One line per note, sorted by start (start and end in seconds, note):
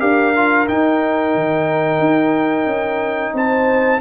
0.00 0.68 D4
0.00 0.33 G4
0.00 3.33 A#4
0.00 0.67 F5
0.36 0.67 F4
0.67 4.00 D#4
0.67 1.34 D#4
0.67 3.35 G5
1.34 2.00 D#3
2.00 2.66 D#4
2.66 3.33 C#4
3.34 4.00 C4
3.34 4.00 C5
3.34 4.00 A5